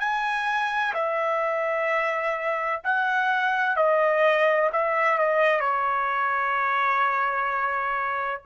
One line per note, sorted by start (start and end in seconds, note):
0.00 0.94 G#5
0.94 2.82 E5
2.84 3.77 F#5
3.77 4.70 D#5
4.73 5.19 E5
5.19 5.61 D#5
5.61 8.42 C#5